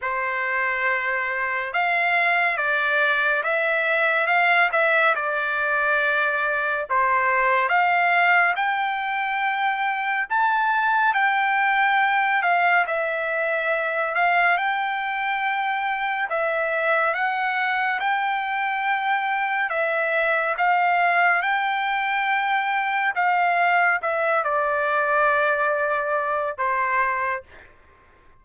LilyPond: \new Staff \with { instrumentName = "trumpet" } { \time 4/4 \tempo 4 = 70 c''2 f''4 d''4 | e''4 f''8 e''8 d''2 | c''4 f''4 g''2 | a''4 g''4. f''8 e''4~ |
e''8 f''8 g''2 e''4 | fis''4 g''2 e''4 | f''4 g''2 f''4 | e''8 d''2~ d''8 c''4 | }